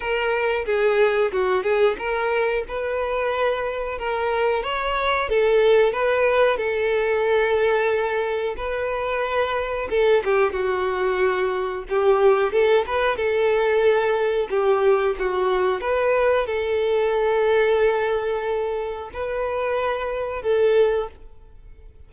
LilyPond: \new Staff \with { instrumentName = "violin" } { \time 4/4 \tempo 4 = 91 ais'4 gis'4 fis'8 gis'8 ais'4 | b'2 ais'4 cis''4 | a'4 b'4 a'2~ | a'4 b'2 a'8 g'8 |
fis'2 g'4 a'8 b'8 | a'2 g'4 fis'4 | b'4 a'2.~ | a'4 b'2 a'4 | }